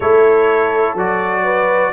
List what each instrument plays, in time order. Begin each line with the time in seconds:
0.00 tuba A3, trombone E4, horn A4, trumpet C#5
0.94 tuba F#3, trombone F#4, trumpet D5
1.43 horn B4